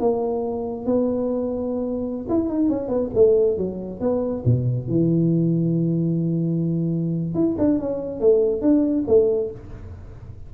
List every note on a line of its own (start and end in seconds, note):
0.00 0.86 A#3
0.86 2.26 B3
2.30 2.50 E4
2.50 2.70 D#4
2.70 2.89 C#4
2.89 3.10 B3
3.15 3.58 A3
3.58 4.00 F#3
4.00 4.44 B3
4.45 4.88 B2
4.88 7.35 E3
7.35 7.56 E4
7.59 7.79 D4
7.79 8.21 C#4
8.21 8.62 A3
8.62 9.05 D4
9.08 9.51 A3